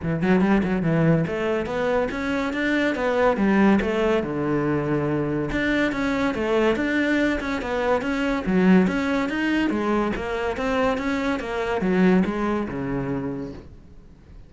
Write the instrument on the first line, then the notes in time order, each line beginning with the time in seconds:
cello
0.02 E3
0.22 F#3
0.41 G3
0.63 F#3
0.82 E3
1.27 A3
1.66 B3
2.11 C#4
2.53 D4
2.95 B3
3.36 G3
3.81 A3
4.23 D3
5.51 D4
5.92 C#4
6.34 A3
6.76 D4
7.40 C#4
7.61 B3
8.01 C#4
8.45 F#3
8.87 C#4
9.29 D#4
9.70 G#3
10.16 A#3
10.57 C4
10.97 C#4
11.39 A#3
11.81 F#3
12.25 G#3
12.68 C#3